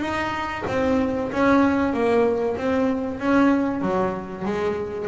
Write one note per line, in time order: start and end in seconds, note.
0.00 0.64 D#4
0.67 1.31 C4
1.32 1.94 C#4
1.94 2.57 A#3
2.57 3.19 C4
3.19 3.82 C#4
3.82 4.45 F#3
4.45 5.08 G#3